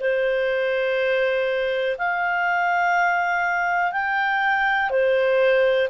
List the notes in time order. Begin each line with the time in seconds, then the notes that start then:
0.00 C5
1.98 F5
3.92 G5
4.90 C5